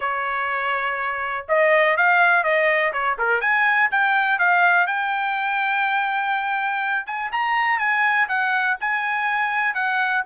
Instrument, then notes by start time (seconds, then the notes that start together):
trumpet
0.00 C#5
1.48 D#5
1.96 F5
2.43 D#5
2.92 C#5
3.18 A#4
3.41 G#5
3.91 G5
4.38 F5
4.86 G5
7.06 G#5
7.31 A#5
7.78 G#5
8.28 F#5
8.80 G#5
9.74 F#5